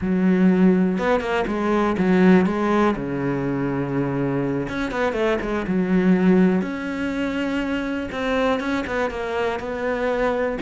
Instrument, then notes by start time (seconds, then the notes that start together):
cello
0.01 F#3
0.98 B3
1.20 A#3
1.47 G#3
1.97 F#3
2.45 G#3
2.96 C#3
4.69 C#4
4.91 B3
5.13 A3
5.41 G#3
5.67 F#3
6.61 C#4
8.11 C4
8.60 C#4
8.87 B3
9.10 A#3
9.59 B3